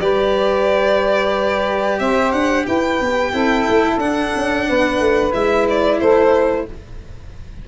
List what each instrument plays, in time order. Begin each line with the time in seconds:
0.00 tuba G3, cello G4, saxophone B4, violin D5
1.99 tuba C4, saxophone C5, violin E5
2.33 tuba D4, violin F#5
2.67 tuba E4, saxophone B4, violin G5
3.01 tuba B3
3.32 tuba C4, cello E4, saxophone A4
3.70 tuba A3
3.98 tuba D4, cello D4, violin F#5
4.36 tuba C#4
4.69 tuba B3, saxophone B4
5.00 tuba A3
5.32 tuba G#3, cello E4, violin E5
5.70 violin D5
6.00 tuba A3, saxophone A4, violin C5